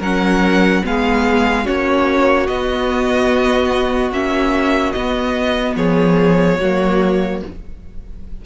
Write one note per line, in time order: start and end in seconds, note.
0.00 0.83 F#3
0.00 0.83 C#4
0.00 0.82 A#4
0.00 0.85 F#5
0.83 1.67 G#3
0.83 1.65 B3
0.83 1.65 G#4
0.83 1.67 F5
1.65 2.48 A#3
1.65 2.47 C#4
1.65 5.76 F#4
1.65 2.47 C#5
2.47 4.11 B3
2.47 4.12 B3
2.47 4.12 D#5
4.11 4.93 A#3
4.11 4.95 C#4
4.11 4.92 E5
4.92 5.76 B3
4.92 6.61 B3
4.92 5.74 D#5
5.76 6.58 F3
5.76 6.59 G#4
5.76 7.41 C#5
6.59 7.42 F#3
6.59 7.45 A#3
6.59 7.41 F#4